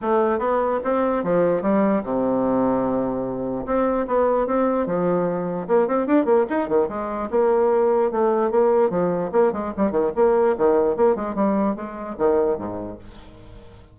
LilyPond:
\new Staff \with { instrumentName = "bassoon" } { \time 4/4 \tempo 4 = 148 a4 b4 c'4 f4 | g4 c2.~ | c4 c'4 b4 c'4 | f2 ais8 c'8 d'8 ais8 |
dis'8 dis8 gis4 ais2 | a4 ais4 f4 ais8 gis8 | g8 dis8 ais4 dis4 ais8 gis8 | g4 gis4 dis4 gis,4 | }